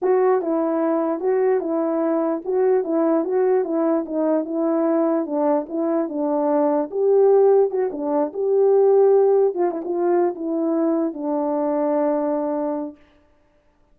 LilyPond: \new Staff \with { instrumentName = "horn" } { \time 4/4 \tempo 4 = 148 fis'4 e'2 fis'4 | e'2 fis'4 e'4 | fis'4 e'4 dis'4 e'4~ | e'4 d'4 e'4 d'4~ |
d'4 g'2 fis'8 d'8~ | d'8 g'2. f'8 | e'16 f'4~ f'16 e'2 d'8~ | d'1 | }